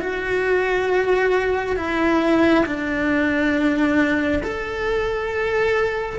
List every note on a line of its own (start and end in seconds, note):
0.00 1.76 F#4
1.76 2.64 E4
2.66 4.42 D4
4.43 6.19 A4